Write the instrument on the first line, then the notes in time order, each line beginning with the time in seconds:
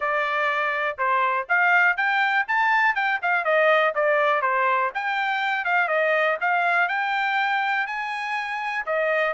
trumpet
0.00 D5
0.97 C5
1.49 F5
1.96 G5
2.47 A5
2.95 G5
3.21 F5
3.44 D#5
3.94 D5
4.41 C5
4.94 G5
5.64 F5
5.88 D#5
6.40 F5
6.88 G5
7.86 G#5
8.86 D#5